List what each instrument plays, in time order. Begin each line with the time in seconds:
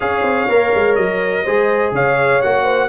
0.00 tuba C#4, trombone G#4, horn C#5, trumpet F5
0.22 tuba C4
0.48 tuba A#3, trombone A#4
0.74 tuba G#3
0.95 tuba F#3, trumpet D#5
1.43 tuba G#3, trombone G#4, horn C5
1.91 tuba C#3, horn C#5, trumpet F5
2.41 tuba A#3, trombone F#4, trumpet F#5
2.63 horn C5